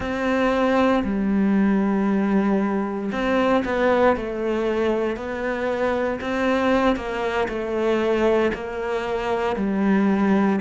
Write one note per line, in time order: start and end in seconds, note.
0.00 1.03 C4
1.03 3.10 G3
3.11 3.63 C4
3.64 4.16 B3
4.16 5.16 A3
5.16 6.19 B3
6.20 6.95 C4
6.95 7.47 A#3
7.48 8.51 A3
8.53 9.55 A#3
9.55 10.59 G3